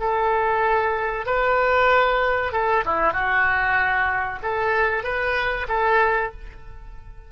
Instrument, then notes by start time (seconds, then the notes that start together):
oboe
0.00 A4
1.26 B4
2.52 A4
2.85 E4
3.13 F#4
4.42 A4
5.04 B4
5.69 A4